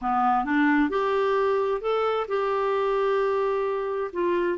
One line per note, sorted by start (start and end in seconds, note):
0.01 0.45 B3
0.45 0.89 D4
0.89 1.81 G4
1.81 2.27 A4
2.28 4.11 G4
4.12 4.58 F4